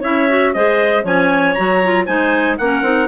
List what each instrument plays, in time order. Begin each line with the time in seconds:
0.00 bassoon C#4, clarinet E4 C#5, trumpet E5
0.29 clarinet F#4
0.54 bassoon G#3, clarinet G#4 C5, trumpet D#5
1.04 bassoon F3, clarinet C#4 C#5, trumpet G#5
1.55 bassoon F#3, clarinet F#4, trumpet A#5
1.84 clarinet F4
2.06 bassoon G#3, clarinet D#4 C5, trumpet G#5
2.58 bassoon A#3, clarinet C#4 A#4, trumpet F#5
2.82 bassoon C4, clarinet D#4